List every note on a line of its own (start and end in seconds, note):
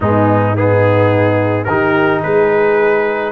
0.00 1.66 G#2
0.00 0.55 G#3
0.00 0.58 B3
0.00 0.56 D#4
0.55 1.67 B3
0.55 1.68 D#4
0.55 1.64 G#4
1.64 2.23 D#3
1.64 3.32 D#4
1.64 2.21 G4
1.64 2.20 A#4
2.21 3.32 G#3
2.21 3.32 G#4
2.21 3.32 B4